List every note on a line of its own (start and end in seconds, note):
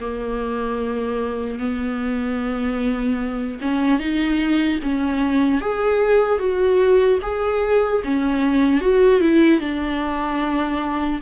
0.00 1.59 A#3
1.59 3.59 B3
3.61 3.99 C#4
3.99 4.79 D#4
4.83 5.61 C#4
5.61 6.39 G#4
6.39 7.19 F#4
7.22 8.02 G#4
8.04 8.81 C#4
8.81 9.20 F#4
9.20 9.60 E4
9.60 11.20 D4